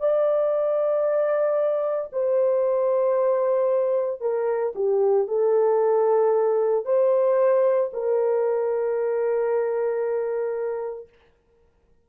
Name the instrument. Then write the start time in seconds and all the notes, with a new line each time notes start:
horn
0.00 D5
2.12 C5
4.21 A#4
4.75 G4
5.28 A4
6.85 C5
7.93 A#4